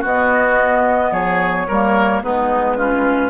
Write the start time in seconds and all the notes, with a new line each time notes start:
0.00 B3 F#4 D#5
1.11 F3 G#4 C#5
1.67 G3 A#3 A#4
2.22 G#3 B3 D#4 B4
2.77 C#4 F4